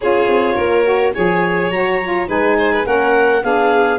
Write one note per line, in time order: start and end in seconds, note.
0.00 0.28 C#4
0.00 0.84 F4
0.00 0.54 G#4
0.00 1.14 C#5
0.28 0.56 C4
0.54 1.14 A#3
0.54 1.11 A#4
0.84 1.13 F#4
1.14 1.70 F3
1.14 1.71 G#4
1.14 2.28 C#5
1.14 1.70 G#5
1.70 2.27 F#3
1.70 2.02 F#4
1.70 2.28 A#5
2.02 2.27 F4
2.27 2.85 G#3
2.27 2.84 D#4
2.27 2.56 B4
2.27 2.86 G#5
2.58 2.72 C5
2.72 2.86 B4
2.84 3.43 A#3
2.84 3.41 C#4
2.84 3.43 A#4
2.84 3.43 F#5
3.42 3.98 B3
3.42 3.98 D4
3.42 3.98 G#4
3.42 3.98 F5